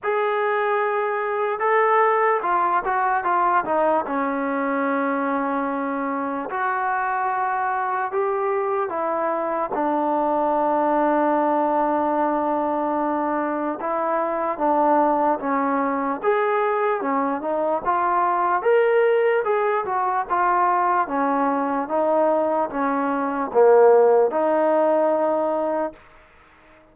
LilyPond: \new Staff \with { instrumentName = "trombone" } { \time 4/4 \tempo 4 = 74 gis'2 a'4 f'8 fis'8 | f'8 dis'8 cis'2. | fis'2 g'4 e'4 | d'1~ |
d'4 e'4 d'4 cis'4 | gis'4 cis'8 dis'8 f'4 ais'4 | gis'8 fis'8 f'4 cis'4 dis'4 | cis'4 ais4 dis'2 | }